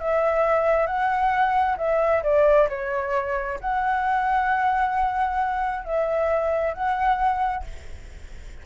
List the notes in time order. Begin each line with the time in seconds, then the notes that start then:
0.00 E5
0.87 F#5
1.78 E5
2.23 D5
2.69 C#5
3.61 F#5
5.85 E5
6.74 F#5